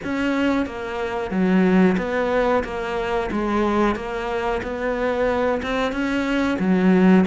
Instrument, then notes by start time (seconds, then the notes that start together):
cello
0.03 C#4
0.66 A#3
1.30 F#3
1.97 B3
2.64 A#3
3.31 G#3
3.95 A#3
4.62 B3
5.62 C4
5.92 C#4
6.59 F#3